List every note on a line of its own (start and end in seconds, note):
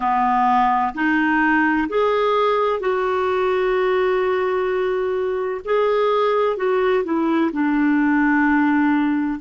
0.00 0.93 B3
0.94 1.87 D#4
1.88 2.80 G#4
2.80 5.61 F#4
5.64 6.56 G#4
6.56 7.03 F#4
7.04 7.50 E4
7.52 9.40 D4